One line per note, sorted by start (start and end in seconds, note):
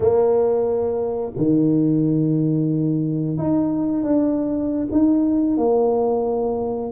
0.00 1.32 A#3
1.37 3.37 D#3
3.37 4.03 D#4
4.03 4.87 D4
4.91 5.57 D#4
5.57 6.92 A#3